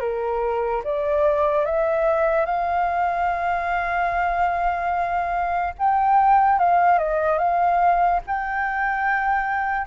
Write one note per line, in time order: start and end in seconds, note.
0.00 0.82 A#4
0.84 1.65 D5
1.65 2.45 E5
2.45 5.74 F5
5.78 6.59 G5
6.59 6.98 F5
6.98 7.38 D#5
7.38 8.20 F5
8.27 9.87 G5